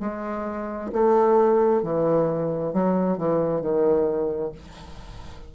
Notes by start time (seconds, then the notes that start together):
0.00 G#3
0.92 A3
1.83 E3
2.73 F#3
3.18 E3
3.61 D#3